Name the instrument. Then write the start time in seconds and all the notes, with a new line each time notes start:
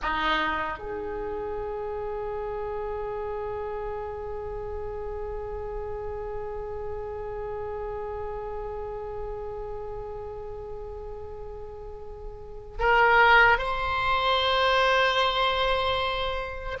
oboe
0.02 D#4
0.78 G#4
12.79 A#4
13.57 C5